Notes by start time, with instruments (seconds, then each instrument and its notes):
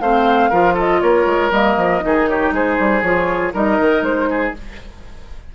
0.00 bassoon A3, clarinet C4, oboe C5, flute F5
0.49 bassoon F3, clarinet F4, oboe A#4
0.73 oboe A4, flute D#5
1.01 bassoon A#3, oboe A#4, flute C#5
1.25 bassoon G#3
1.51 bassoon G3, clarinet A#3, flute D#5
1.76 bassoon F3
2.00 bassoon D#3, clarinet D#4, oboe G#4
2.27 oboe G4, flute C#5
2.51 bassoon G#3, oboe G#4, flute C5
2.79 bassoon G3
3.02 bassoon F3, clarinet F4, flute C#5
3.53 bassoon G3, clarinet D#4, oboe A#4, flute D#5
3.80 bassoon D#3
4.01 bassoon G#3, flute C5
4.29 oboe G#4